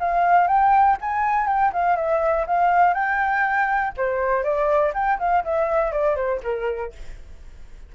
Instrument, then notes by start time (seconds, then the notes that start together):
flute
0.00 F5
0.48 G5
1.01 G#5
1.47 G5
1.73 F5
1.96 E5
2.47 F5
2.94 G5
3.97 C5
4.43 D5
4.94 G5
5.19 F5
5.44 E5
5.92 D5
6.16 C5
6.43 A#4